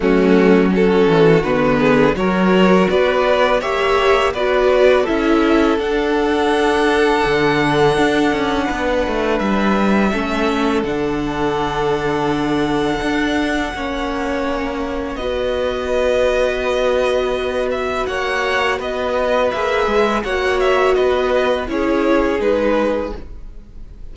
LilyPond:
<<
  \new Staff \with { instrumentName = "violin" } { \time 4/4 \tempo 4 = 83 fis'4 a'4 b'4 cis''4 | d''4 e''4 d''4 e''4 | fis''1~ | fis''4 e''2 fis''4~ |
fis''1~ | fis''4 dis''2.~ | dis''8 e''8 fis''4 dis''4 e''4 | fis''8 e''8 dis''4 cis''4 b'4 | }
  \new Staff \with { instrumentName = "violin" } { \time 4/4 cis'4 fis'4. gis'8 ais'4 | b'4 cis''4 b'4 a'4~ | a'1 | b'2 a'2~ |
a'2. cis''4~ | cis''4 b'2.~ | b'4 cis''4 b'2 | cis''4 b'4 gis'2 | }
  \new Staff \with { instrumentName = "viola" } { \time 4/4 a4 cis'4 b4 fis'4~ | fis'4 g'4 fis'4 e'4 | d'1~ | d'2 cis'4 d'4~ |
d'2. cis'4~ | cis'4 fis'2.~ | fis'2. gis'4 | fis'2 e'4 dis'4 | }
  \new Staff \with { instrumentName = "cello" } { \time 4/4 fis4. e8 d4 fis4 | b4 ais4 b4 cis'4 | d'2 d4 d'8 cis'8 | b8 a8 g4 a4 d4~ |
d2 d'4 ais4~ | ais4 b2.~ | b4 ais4 b4 ais8 gis8 | ais4 b4 cis'4 gis4 | }
>>